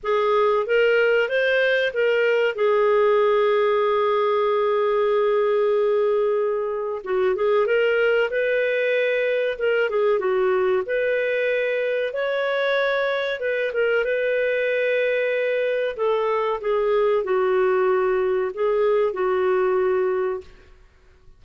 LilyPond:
\new Staff \with { instrumentName = "clarinet" } { \time 4/4 \tempo 4 = 94 gis'4 ais'4 c''4 ais'4 | gis'1~ | gis'2. fis'8 gis'8 | ais'4 b'2 ais'8 gis'8 |
fis'4 b'2 cis''4~ | cis''4 b'8 ais'8 b'2~ | b'4 a'4 gis'4 fis'4~ | fis'4 gis'4 fis'2 | }